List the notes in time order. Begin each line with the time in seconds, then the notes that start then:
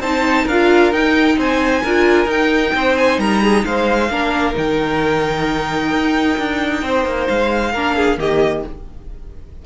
0.00 C4 D#4 C5 A5
0.46 D4 F4 A#4 F5
0.92 D#4 G5
1.37 C4 C5 G#5
1.83 D4 F4 A#4
2.26 D#4 G5
2.75 C4 C5
2.98 G#5
3.18 G3 A#4 A#5
3.43 G#4
3.65 G#3 C5 F5
4.10 A#3 D4 A#4
4.54 D#3 D#4 G5
5.92 D#4
6.38 D4
6.83 C4 C5
7.05 A#3
7.28 G#3 F5
7.73 A#3 D4 A#4
7.96 G#4
8.18 D#3 A#3 G4 D#5